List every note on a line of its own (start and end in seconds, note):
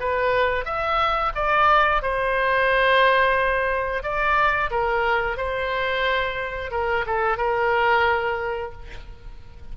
0.00 0.65 B4
0.65 1.32 E5
1.35 2.02 D5
2.02 4.03 C5
4.03 4.70 D5
4.71 5.37 A#4
5.37 6.71 C5
6.71 7.05 A#4
7.06 7.37 A4
7.37 8.72 A#4